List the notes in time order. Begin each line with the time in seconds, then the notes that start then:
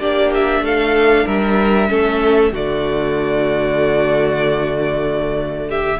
0.00 A#3 D4 G4 D5
0.35 E5
0.61 A3 A4 F5
1.26 G3 A#4 E5
1.89 A3 C#4 A4
2.52 D3 A3 F#4 D5
5.69 G4 E5